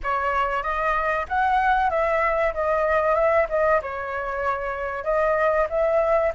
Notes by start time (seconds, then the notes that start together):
0.03 C#5
0.63 D#5
1.28 F#5
1.89 E5
2.53 D#5
3.15 E5
3.49 D#5
3.82 C#5
5.04 D#5
5.69 E5